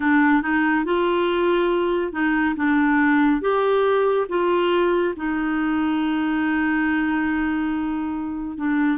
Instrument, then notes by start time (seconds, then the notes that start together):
clarinet
0.00 D4
0.42 D#4
0.85 F4
2.12 D#4
2.56 D4
3.41 G4
4.28 F4
5.16 D#4
8.57 D4